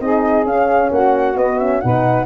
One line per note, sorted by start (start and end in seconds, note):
0.00 0.44 C4
0.00 0.45 D#4
0.00 0.94 G#4
0.00 0.46 D#5
0.44 0.90 C#4
0.44 1.35 C#4
0.44 0.91 F5
0.91 1.37 A#3
0.91 1.84 F#4
0.91 1.37 F#5
1.35 1.57 B3
1.35 1.82 B3
1.35 1.58 D#5
1.58 1.81 C#4
1.58 1.81 E5
1.81 2.26 B2
1.81 2.26 D#4
1.81 2.26 B4
1.81 2.26 F#5